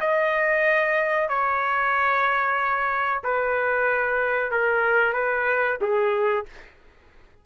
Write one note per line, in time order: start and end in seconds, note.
0.00 1.28 D#5
1.28 3.22 C#5
3.23 4.51 B4
4.51 5.13 A#4
5.13 5.77 B4
5.81 6.45 G#4